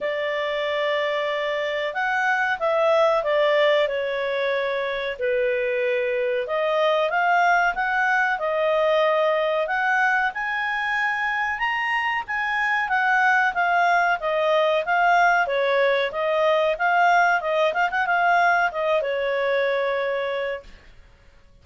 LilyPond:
\new Staff \with { instrumentName = "clarinet" } { \time 4/4 \tempo 4 = 93 d''2. fis''4 | e''4 d''4 cis''2 | b'2 dis''4 f''4 | fis''4 dis''2 fis''4 |
gis''2 ais''4 gis''4 | fis''4 f''4 dis''4 f''4 | cis''4 dis''4 f''4 dis''8 f''16 fis''16 | f''4 dis''8 cis''2~ cis''8 | }